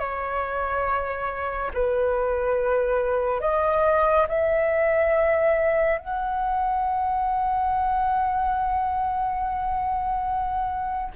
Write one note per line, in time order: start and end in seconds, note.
0.00 1.71 C#5
1.74 3.41 B4
3.41 4.27 D#5
4.29 5.98 E5
5.98 11.13 F#5